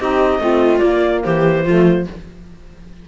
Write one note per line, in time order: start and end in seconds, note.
0.00 0.39 C4
0.00 0.41 D#4
0.00 0.41 G4
0.00 0.79 D#5
0.39 0.81 A3
0.39 0.81 C4
0.39 1.24 F4
0.79 1.64 A#3
0.79 1.23 A#3
0.79 1.20 D5
1.24 1.66 E3
1.24 1.65 G4
1.24 2.07 C5
1.65 2.07 F3
1.65 2.08 A3
1.65 2.06 F4